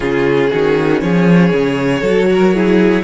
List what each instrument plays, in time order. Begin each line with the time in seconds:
0.00 cello C#3, viola C#4, violin F4 G#4
0.51 cello D#3, violin F#4
1.00 cello F3, violin G#4 C#5
1.52 cello C#3
2.00 cello F#3, viola F#4, violin A4
2.32 violin A#4
2.53 viola E4, violin G#4